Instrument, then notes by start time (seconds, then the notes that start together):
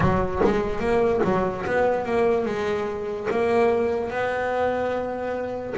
double bass
0.00 F#3
0.44 G#3
0.79 A#3
1.23 F#3
1.66 B3
2.05 A#3
2.45 G#3
3.30 A#3
4.10 B3